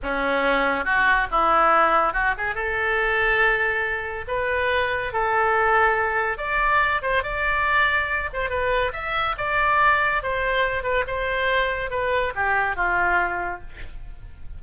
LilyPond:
\new Staff \with { instrumentName = "oboe" } { \time 4/4 \tempo 4 = 141 cis'2 fis'4 e'4~ | e'4 fis'8 gis'8 a'2~ | a'2 b'2 | a'2. d''4~ |
d''8 c''8 d''2~ d''8 c''8 | b'4 e''4 d''2 | c''4. b'8 c''2 | b'4 g'4 f'2 | }